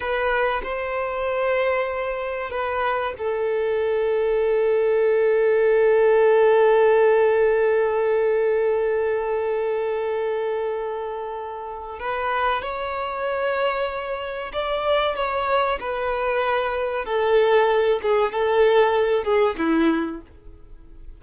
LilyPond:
\new Staff \with { instrumentName = "violin" } { \time 4/4 \tempo 4 = 95 b'4 c''2. | b'4 a'2.~ | a'1~ | a'1~ |
a'2. b'4 | cis''2. d''4 | cis''4 b'2 a'4~ | a'8 gis'8 a'4. gis'8 e'4 | }